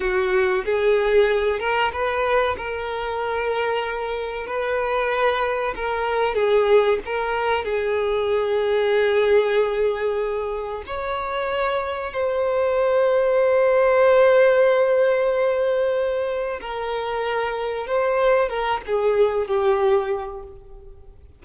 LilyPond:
\new Staff \with { instrumentName = "violin" } { \time 4/4 \tempo 4 = 94 fis'4 gis'4. ais'8 b'4 | ais'2. b'4~ | b'4 ais'4 gis'4 ais'4 | gis'1~ |
gis'4 cis''2 c''4~ | c''1~ | c''2 ais'2 | c''4 ais'8 gis'4 g'4. | }